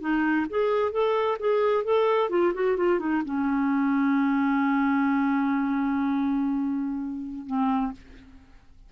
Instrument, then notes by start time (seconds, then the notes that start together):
clarinet
0.00 D#4
0.50 G#4
0.91 A4
1.39 G#4
1.84 A4
2.29 F4
2.54 F#4
2.76 F4
2.99 D#4
3.24 C#4
7.46 C4